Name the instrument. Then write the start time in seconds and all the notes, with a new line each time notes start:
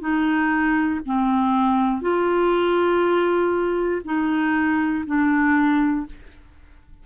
clarinet
0.00 D#4
1.06 C4
2.01 F4
4.05 D#4
5.06 D4